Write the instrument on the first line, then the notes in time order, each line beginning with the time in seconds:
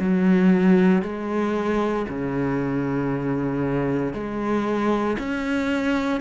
cello
0.00 F#3
1.03 G#3
2.09 C#3
4.14 G#3
5.19 C#4